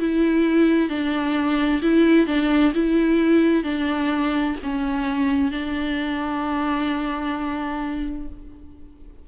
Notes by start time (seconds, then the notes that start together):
0.00 E4
0.89 D4
1.83 E4
2.27 D4
2.75 E4
3.64 D4
4.64 C#4
5.52 D4